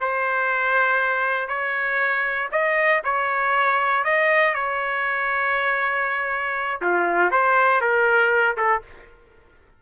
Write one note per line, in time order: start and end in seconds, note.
0.00 1.48 C5
1.48 2.49 C#5
2.52 3.02 D#5
3.04 4.04 C#5
4.04 4.54 D#5
4.54 6.81 C#5
6.82 7.31 F4
7.31 7.81 C5
7.81 8.57 A#4
8.57 8.82 A4